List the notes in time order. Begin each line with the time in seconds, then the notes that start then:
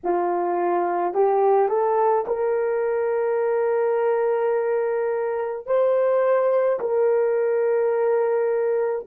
0.03 F4
1.14 G4
1.68 A4
2.26 A#4
5.66 C5
6.79 A#4